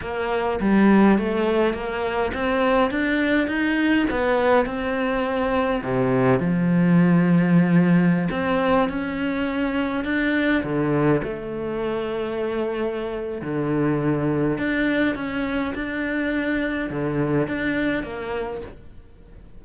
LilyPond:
\new Staff \with { instrumentName = "cello" } { \time 4/4 \tempo 4 = 103 ais4 g4 a4 ais4 | c'4 d'4 dis'4 b4 | c'2 c4 f4~ | f2~ f16 c'4 cis'8.~ |
cis'4~ cis'16 d'4 d4 a8.~ | a2. d4~ | d4 d'4 cis'4 d'4~ | d'4 d4 d'4 ais4 | }